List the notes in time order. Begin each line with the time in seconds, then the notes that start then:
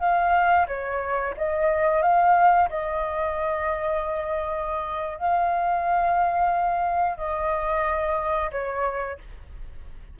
0.00 F5
0.68 C#5
1.37 D#5
2.02 F5
2.70 D#5
5.18 F5
7.17 D#5
8.52 C#5